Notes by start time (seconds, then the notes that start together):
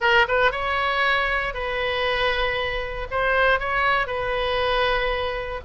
0.00 A#4
0.28 B4
0.51 C#5
1.54 B4
3.10 C5
3.59 C#5
4.07 B4